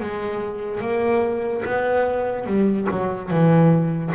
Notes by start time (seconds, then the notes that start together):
0.00 G#3
0.81 A#3
1.65 B3
2.46 G3
2.91 F#3
3.30 E3